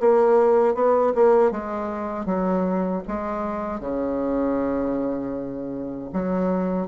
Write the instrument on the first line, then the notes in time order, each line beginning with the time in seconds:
bassoon
0.00 A#3
0.74 B3
1.15 A#3
1.51 G#3
2.26 F#3
3.08 G#3
3.80 C#3
6.13 F#3